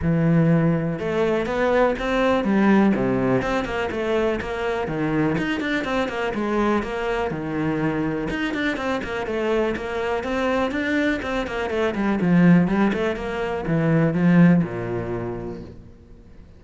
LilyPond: \new Staff \with { instrumentName = "cello" } { \time 4/4 \tempo 4 = 123 e2 a4 b4 | c'4 g4 c4 c'8 ais8 | a4 ais4 dis4 dis'8 d'8 | c'8 ais8 gis4 ais4 dis4~ |
dis4 dis'8 d'8 c'8 ais8 a4 | ais4 c'4 d'4 c'8 ais8 | a8 g8 f4 g8 a8 ais4 | e4 f4 ais,2 | }